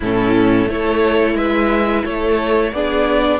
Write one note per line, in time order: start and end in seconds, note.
0.00 0.66 A2
0.00 0.69 C#4
0.00 0.68 E4
0.00 0.69 A4
0.66 1.34 A3
0.66 2.73 E4
0.66 1.37 A4
0.66 1.36 C#5
1.34 2.02 G#3
1.34 2.04 B4
1.34 2.04 E5
2.04 2.73 A3
2.04 2.72 A4
2.04 2.73 C#5
2.73 3.39 B3
2.73 3.39 D4
2.73 3.39 G#4
2.73 3.39 D5